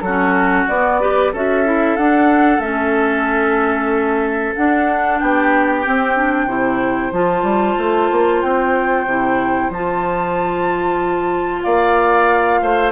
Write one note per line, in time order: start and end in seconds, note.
0.00 0.65 F#3
0.00 1.01 F#4
0.00 0.65 A4
0.08 0.70 C#4
0.68 1.33 B3
0.68 1.01 B3
0.68 1.33 D5
1.01 1.33 G4
1.01 1.32 B4
1.32 1.97 C#4
1.32 1.65 F#4
1.32 5.19 A4
1.32 1.96 E5
1.65 1.97 E4
1.96 2.59 D4
1.96 2.61 D4
1.96 2.60 F#5
2.59 4.53 A3
2.59 4.55 C#4
2.59 4.54 E5
4.56 5.85 D4
4.56 5.22 D4
4.56 5.19 F#5
5.19 5.86 B3
5.19 6.47 G4
5.19 7.13 G5
5.85 6.17 C4
5.85 6.47 C4
6.17 6.48 D4
6.47 7.12 C3
6.47 7.12 E4
6.47 11.63 C5
7.12 7.43 F3
7.12 9.07 F4
7.12 8.42 A5
7.43 7.75 G3
7.78 8.10 A3
8.11 8.44 A#3
8.42 9.06 C4
8.42 9.71 G5
9.06 9.70 C3
9.06 9.72 E4
9.70 11.63 F3
9.70 12.92 F4
9.70 11.63 A5
11.63 12.62 A#3
11.63 12.60 D5
11.63 12.92 F5
12.62 12.92 A3
12.62 12.92 C5